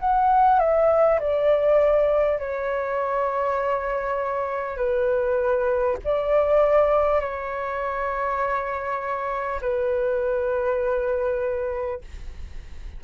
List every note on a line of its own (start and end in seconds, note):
0.00 0.59 F#5
0.59 1.19 E5
1.20 2.39 D5
2.39 4.77 C#5
4.77 5.97 B4
6.04 7.21 D5
7.21 9.61 C#5
9.61 12.01 B4